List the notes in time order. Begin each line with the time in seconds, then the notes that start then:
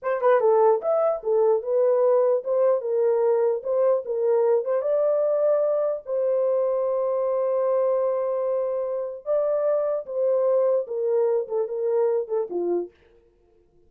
0.02 C5
0.21 B4
0.40 A4
0.81 E5
1.23 A4
1.62 B4
2.44 C5
2.81 A#4
3.63 C5
4.05 A#4
4.64 C5
4.81 D5
6.05 C5
9.25 D5
10.06 C5
10.87 A#4
11.47 A4
11.68 A#4
12.27 A4
12.50 F4